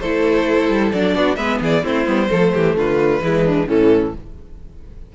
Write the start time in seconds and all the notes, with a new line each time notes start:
0.00 A3 E4 A4 C5
0.69 G3
0.92 F#3 D4 D5
1.15 B3 F#4
1.36 G#3 B3 B4 E5
1.61 E3 G#4 D5
1.84 A3 C4 E4 C5
2.06 G3 B3
2.29 F3 A3 A4
2.53 E3 G4
2.76 D3 F4 B4
3.21 E3 G#3 E4
3.45 D4
3.67 A2 E3 C#4 A4